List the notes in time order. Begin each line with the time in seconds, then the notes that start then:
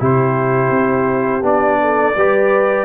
0.00 C3 E4 G4 C5
0.70 C4
1.43 B3 D4 D5
1.81 A4
2.17 G3 G4 B4